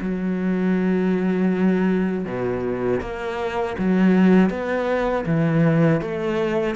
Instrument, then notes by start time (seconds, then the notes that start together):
cello
0.00 F#3
2.25 B2
3.00 A#3
3.78 F#3
4.50 B3
5.26 E3
6.01 A3